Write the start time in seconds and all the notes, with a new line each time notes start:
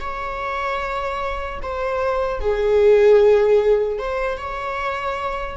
0.00 C#5
1.62 C5
2.40 G#4
3.99 C5
4.37 C#5